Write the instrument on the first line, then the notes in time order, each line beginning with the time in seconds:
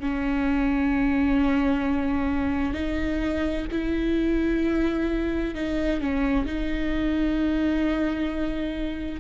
viola
0.00 C#4
2.73 D#4
3.71 E4
5.54 D#4
6.00 C#4
6.45 D#4